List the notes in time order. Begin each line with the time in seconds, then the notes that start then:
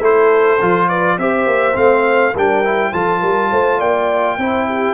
0.00 A3 E4 A4 C5
0.61 F3 F4
0.88 B4 D5
1.18 C4 G4 C5 E5
1.46 A#3
1.74 A3 C4 F5
2.33 G3 D4 A#4 G5
2.65 E4
2.93 F3 F4 A4 A5
3.21 G3 A#4
3.51 A3 C5
3.79 A#3 D5 G5
4.38 C4 E4 C5
4.68 G4